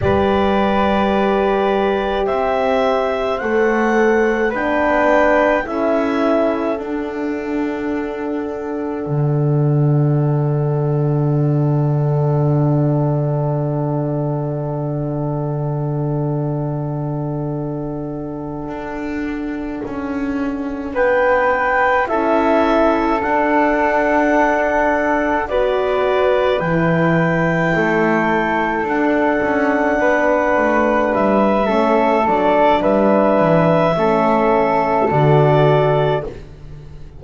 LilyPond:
<<
  \new Staff \with { instrumentName = "clarinet" } { \time 4/4 \tempo 4 = 53 d''2 e''4 fis''4 | g''4 e''4 fis''2~ | fis''1~ | fis''1~ |
fis''2~ fis''8 g''4 e''8~ | e''8 fis''2 d''4 g''8~ | g''4. fis''2 e''8~ | e''8 d''8 e''2 d''4 | }
  \new Staff \with { instrumentName = "flute" } { \time 4/4 b'2 c''2 | b'4 a'2.~ | a'1~ | a'1~ |
a'2~ a'8 b'4 a'8~ | a'2~ a'8 b'4.~ | b'8 a'2 b'4. | a'4 b'4 a'2 | }
  \new Staff \with { instrumentName = "horn" } { \time 4/4 g'2. a'4 | d'4 e'4 d'2~ | d'1~ | d'1~ |
d'2.~ d'8 e'8~ | e'8 d'2 fis'4 e'8~ | e'4. d'2~ d'8 | cis'8 d'4. cis'4 fis'4 | }
  \new Staff \with { instrumentName = "double bass" } { \time 4/4 g2 c'4 a4 | b4 cis'4 d'2 | d1~ | d1~ |
d8 d'4 cis'4 b4 cis'8~ | cis'8 d'2 b4 e8~ | e8 a4 d'8 cis'8 b8 a8 g8 | a8 fis8 g8 e8 a4 d4 | }
>>